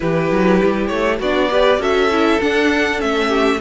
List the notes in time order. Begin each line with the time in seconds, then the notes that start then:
0.00 E3 E4 G4 B4
0.31 F#3
0.63 G3
0.87 A3 C#5
1.19 B3 D4 F#4 D5
1.50 G4 B4
1.78 C#4 F#4 A4 E5
2.11 E4
2.40 D4 F#5
2.98 A3 C#4 E5
3.27 G4